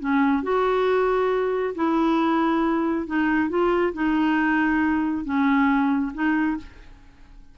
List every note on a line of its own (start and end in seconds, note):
0.00 0.43 C#4
0.43 1.75 F#4
1.75 3.07 E4
3.07 3.50 D#4
3.50 3.93 F4
3.94 5.25 D#4
5.25 6.13 C#4
6.14 6.58 D#4